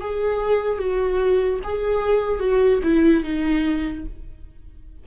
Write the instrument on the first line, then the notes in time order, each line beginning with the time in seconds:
viola
0.00 G#4
0.78 F#4
1.63 G#4
2.39 F#4
2.83 E4
3.24 D#4